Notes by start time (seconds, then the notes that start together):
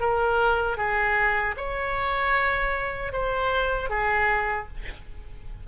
0.00 A#4
0.77 G#4
1.57 C#5
3.12 C5
3.90 G#4